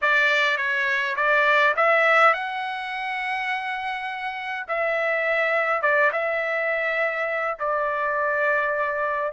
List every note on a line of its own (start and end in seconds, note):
0.01 0.57 D5
0.57 1.15 C#5
1.16 1.74 D5
1.76 2.33 E5
2.33 4.66 F#5
4.68 5.81 E5
5.81 6.11 D5
6.12 7.58 E5
7.59 9.32 D5